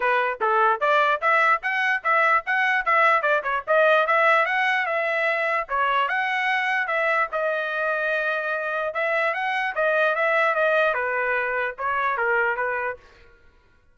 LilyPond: \new Staff \with { instrumentName = "trumpet" } { \time 4/4 \tempo 4 = 148 b'4 a'4 d''4 e''4 | fis''4 e''4 fis''4 e''4 | d''8 cis''8 dis''4 e''4 fis''4 | e''2 cis''4 fis''4~ |
fis''4 e''4 dis''2~ | dis''2 e''4 fis''4 | dis''4 e''4 dis''4 b'4~ | b'4 cis''4 ais'4 b'4 | }